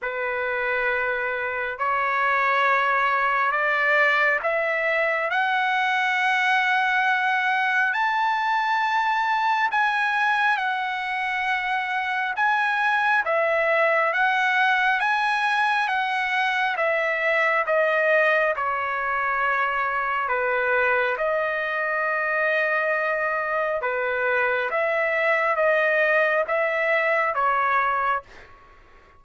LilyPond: \new Staff \with { instrumentName = "trumpet" } { \time 4/4 \tempo 4 = 68 b'2 cis''2 | d''4 e''4 fis''2~ | fis''4 a''2 gis''4 | fis''2 gis''4 e''4 |
fis''4 gis''4 fis''4 e''4 | dis''4 cis''2 b'4 | dis''2. b'4 | e''4 dis''4 e''4 cis''4 | }